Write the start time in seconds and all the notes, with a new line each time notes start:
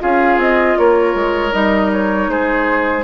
0.00 C#4 F4 G#4 F5
0.38 C4 D#5
0.78 A#3 A#4 C#5
1.15 G#3
1.52 G3 D#4 D#5
1.93 C#5
2.28 G#3 G#4 C5